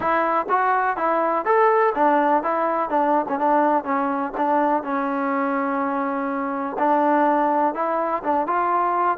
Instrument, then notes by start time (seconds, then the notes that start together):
trombone
0.00 E4
0.49 F#4
0.96 E4
1.45 A4
1.94 D4
2.43 E4
2.89 D4
3.28 C#4
3.38 D4
3.84 C#4
4.37 D4
4.83 C#4
6.79 D4
7.74 E4
8.23 D4
8.46 F4